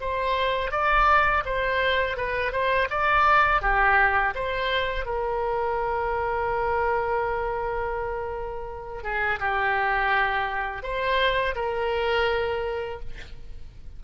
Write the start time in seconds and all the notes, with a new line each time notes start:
0.00 C5
0.71 D5
1.45 C5
2.16 B4
2.51 C5
2.89 D5
3.61 G4
4.34 C5
5.05 A#4
9.03 G#4
9.39 G4
10.82 C5
11.55 A#4